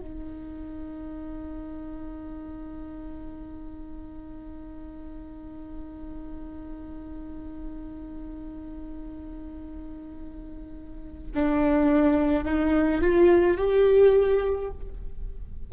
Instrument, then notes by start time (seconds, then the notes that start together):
viola
0.00 D#4
11.35 D4
12.45 D#4
13.02 F4
13.57 G4